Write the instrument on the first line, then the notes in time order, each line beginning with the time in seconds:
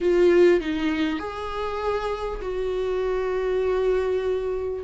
viola
0.01 F4
0.60 D#4
1.19 G#4
2.41 F#4